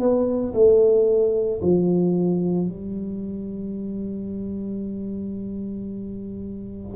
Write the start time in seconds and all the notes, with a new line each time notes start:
0.00 B3
0.54 A3
1.62 F3
2.69 G3